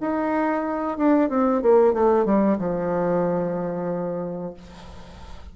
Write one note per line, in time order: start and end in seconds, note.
0.00 0.97 D#4
0.97 1.29 D4
1.29 1.62 C4
1.62 1.93 A#3
1.93 2.25 A3
2.25 2.58 G3
2.58 4.54 F3